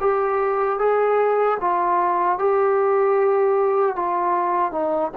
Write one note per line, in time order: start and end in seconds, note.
0.00 0.79 G4
0.79 1.58 G#4
1.60 2.38 F4
2.38 3.95 G4
3.95 4.72 F4
4.72 5.11 D#4